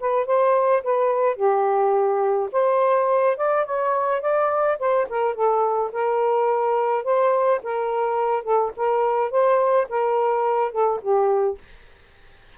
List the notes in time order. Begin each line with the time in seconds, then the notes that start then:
0.00 B4
0.26 C5
0.83 B4
1.36 G4
2.52 C5
3.37 D5
3.65 C#5
4.21 D5
4.79 C5
5.09 A#4
5.35 A4
5.92 A#4
7.04 C5
7.63 A#4
8.43 A4
8.76 A#4
9.31 C5
9.89 A#4
10.71 A4
11.01 G4